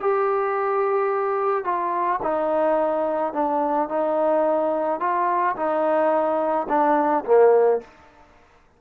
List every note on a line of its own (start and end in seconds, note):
0.00 1.64 G4
1.64 2.20 F4
2.22 3.33 D#4
3.33 3.88 D4
3.89 5.00 D#4
5.00 5.55 F4
5.56 6.67 D#4
6.68 7.24 D4
7.25 7.80 A#3